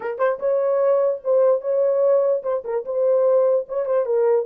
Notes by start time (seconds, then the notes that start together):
0.00 A#4
0.18 C5
0.39 C#5
1.24 C5
1.61 C#5
2.43 C5
2.64 A#4
2.85 C5
3.68 C#5
3.85 C5
4.05 A#4